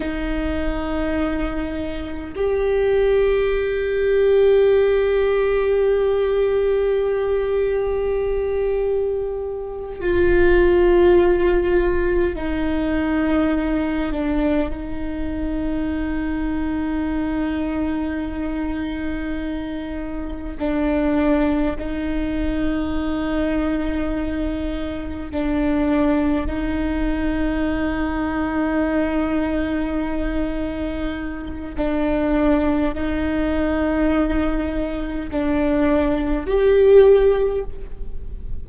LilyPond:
\new Staff \with { instrumentName = "viola" } { \time 4/4 \tempo 4 = 51 dis'2 g'2~ | g'1~ | g'8 f'2 dis'4. | d'8 dis'2.~ dis'8~ |
dis'4. d'4 dis'4.~ | dis'4. d'4 dis'4.~ | dis'2. d'4 | dis'2 d'4 g'4 | }